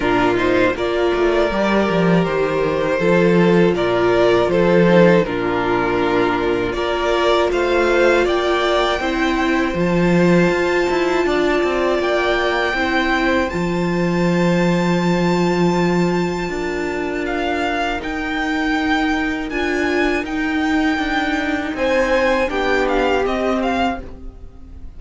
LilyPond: <<
  \new Staff \with { instrumentName = "violin" } { \time 4/4 \tempo 4 = 80 ais'8 c''8 d''2 c''4~ | c''4 d''4 c''4 ais'4~ | ais'4 d''4 f''4 g''4~ | g''4 a''2. |
g''2 a''2~ | a''2. f''4 | g''2 gis''4 g''4~ | g''4 gis''4 g''8 f''8 dis''8 f''8 | }
  \new Staff \with { instrumentName = "violin" } { \time 4/4 f'4 ais'2. | a'4 ais'4 a'4 f'4~ | f'4 ais'4 c''4 d''4 | c''2. d''4~ |
d''4 c''2.~ | c''2 ais'2~ | ais'1~ | ais'4 c''4 g'2 | }
  \new Staff \with { instrumentName = "viola" } { \time 4/4 d'8 dis'8 f'4 g'2 | f'2~ f'8 dis'8 d'4~ | d'4 f'2. | e'4 f'2.~ |
f'4 e'4 f'2~ | f'1 | dis'2 f'4 dis'4~ | dis'2 d'4 c'4 | }
  \new Staff \with { instrumentName = "cello" } { \time 4/4 ais,4 ais8 a8 g8 f8 dis4 | f4 ais,4 f4 ais,4~ | ais,4 ais4 a4 ais4 | c'4 f4 f'8 e'8 d'8 c'8 |
ais4 c'4 f2~ | f2 d'2 | dis'2 d'4 dis'4 | d'4 c'4 b4 c'4 | }
>>